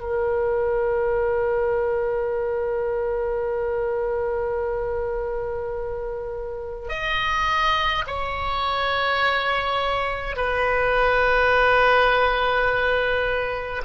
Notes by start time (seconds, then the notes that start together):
0.00 A#4
6.89 D#5
8.07 C#5
10.36 B4